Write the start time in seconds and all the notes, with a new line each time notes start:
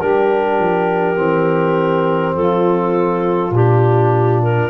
0.00 G3 D4 G4 A#4
0.59 F3
1.15 E3 C4
2.35 F3 F4 A4
3.51 A#2 D4 G4
4.42 A#4